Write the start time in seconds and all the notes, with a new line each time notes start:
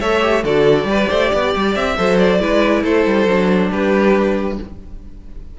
0.00 A3 A4 C#5 E5
0.21 G4
0.44 D3 F#4 A4 D5
0.84 G3 G4 B4
1.09 A3 C5
1.31 B3 D5
1.55 G3
1.75 C4 E5
1.97 F#3 A4 C5
2.19 D5
2.40 G#3 E4 B4
2.83 A3 A4 C5
3.06 G3
3.27 F#3 D4
3.71 G3 G4 B4